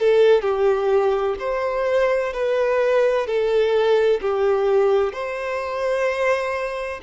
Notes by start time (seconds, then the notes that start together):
0.00 A4
0.42 G4
1.39 C5
2.33 B4
3.27 A4
4.21 G4
5.13 C5